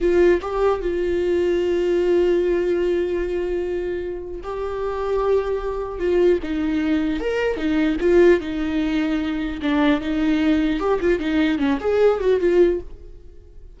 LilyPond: \new Staff \with { instrumentName = "viola" } { \time 4/4 \tempo 4 = 150 f'4 g'4 f'2~ | f'1~ | f'2. g'4~ | g'2. f'4 |
dis'2 ais'4 dis'4 | f'4 dis'2. | d'4 dis'2 g'8 f'8 | dis'4 cis'8 gis'4 fis'8 f'4 | }